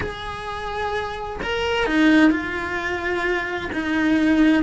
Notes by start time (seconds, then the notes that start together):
0.00 G#4
1.42 A#4
1.86 D#4
2.30 F4
3.73 D#4